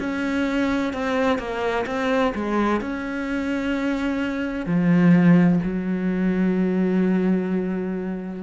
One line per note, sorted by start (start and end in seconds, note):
0.00 0.93 C#4
0.93 1.39 C4
1.39 1.86 A#3
1.87 2.34 C4
2.35 2.81 G#3
2.81 4.66 C#4
4.66 5.60 F3
5.63 8.43 F#3